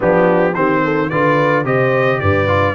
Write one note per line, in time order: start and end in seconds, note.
0.00 0.55 F3
0.00 0.53 B3
0.00 0.56 D4
0.00 0.54 G4
0.54 1.10 D#3
0.54 1.10 C4
0.54 0.83 G4
0.54 1.09 C5
0.84 1.10 A4
1.09 1.64 D3
1.09 1.65 F4
1.09 1.64 B4
1.09 1.64 D5
1.64 2.19 C3
1.64 2.47 G4
1.64 2.19 C5
1.64 2.20 D#5
2.20 2.74 G2
2.20 2.74 B4
2.20 2.74 D5
2.47 2.74 F4